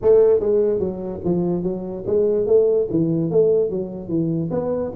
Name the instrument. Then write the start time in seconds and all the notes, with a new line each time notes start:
tuba
0.02 A3
0.40 G#3
0.79 F#3
1.24 F3
1.63 F#3
2.06 G#3
2.46 A3
2.90 E3
3.30 A3
3.70 F#3
4.08 E3
4.51 B3